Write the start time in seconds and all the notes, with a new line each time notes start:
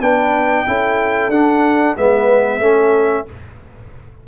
0.00 B3 D4 B4 G5
0.66 C#4 E4 A4
1.28 D4 F#5
1.97 G#3 B3 B4 E5
2.59 A3 C#4 A4